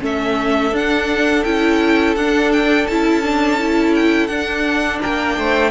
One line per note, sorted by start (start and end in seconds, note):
0.00 0.71 A3
0.00 0.71 C#4
0.00 5.00 A4
0.00 0.76 E5
0.71 1.43 D4
0.71 1.45 D4
0.71 1.44 F#5
1.44 2.16 C#4
1.44 2.16 E4
1.44 2.15 G5
2.16 2.87 D4
2.16 2.90 D4
2.16 2.51 F#5
2.53 2.86 G5
2.86 4.28 C#4
2.86 3.23 E4
2.86 3.94 A5
3.23 3.59 D4
3.59 4.29 E4
3.95 4.27 G5
4.27 5.00 D4
4.27 5.71 D4
4.27 4.99 F#5
5.00 5.38 A#3
5.00 5.36 A#4
5.00 5.71 G5
5.38 5.71 A3
5.38 5.71 C5